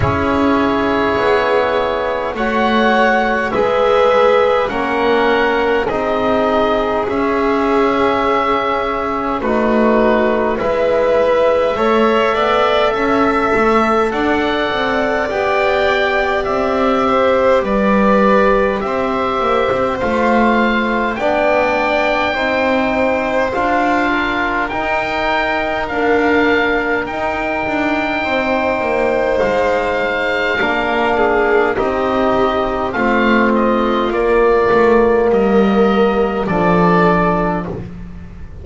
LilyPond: <<
  \new Staff \with { instrumentName = "oboe" } { \time 4/4 \tempo 4 = 51 cis''2 fis''4 e''4 | fis''4 dis''4 e''2 | b'4 e''2. | fis''4 g''4 e''4 d''4 |
e''4 f''4 g''2 | f''4 g''4 f''4 g''4~ | g''4 f''2 dis''4 | f''8 dis''8 d''4 dis''4 d''4 | }
  \new Staff \with { instrumentName = "violin" } { \time 4/4 gis'2 cis''4 b'4 | ais'4 gis'2. | fis'4 b'4 cis''8 d''8 e''4 | d''2~ d''8 c''8 b'4 |
c''2 d''4 c''4~ | c''8 ais'2.~ ais'8 | c''2 ais'8 gis'8 g'4 | f'2 ais'4 a'4 | }
  \new Staff \with { instrumentName = "trombone" } { \time 4/4 e'2 fis'4 gis'4 | cis'4 dis'4 cis'2 | dis'4 e'4 a'2~ | a'4 g'2.~ |
g'4 f'4 d'4 dis'4 | f'4 dis'4 ais4 dis'4~ | dis'2 d'4 dis'4 | c'4 ais2 d'4 | }
  \new Staff \with { instrumentName = "double bass" } { \time 4/4 cis'4 b4 a4 gis4 | ais4 c'4 cis'2 | a4 gis4 a8 b8 cis'8 a8 | d'8 c'8 b4 c'4 g4 |
c'8 ais16 c'16 a4 b4 c'4 | d'4 dis'4 d'4 dis'8 d'8 | c'8 ais8 gis4 ais4 c'4 | a4 ais8 a8 g4 f4 | }
>>